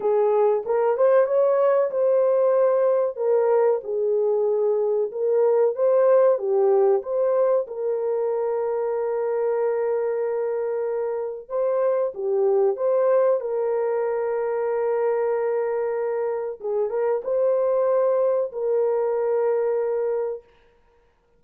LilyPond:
\new Staff \with { instrumentName = "horn" } { \time 4/4 \tempo 4 = 94 gis'4 ais'8 c''8 cis''4 c''4~ | c''4 ais'4 gis'2 | ais'4 c''4 g'4 c''4 | ais'1~ |
ais'2 c''4 g'4 | c''4 ais'2.~ | ais'2 gis'8 ais'8 c''4~ | c''4 ais'2. | }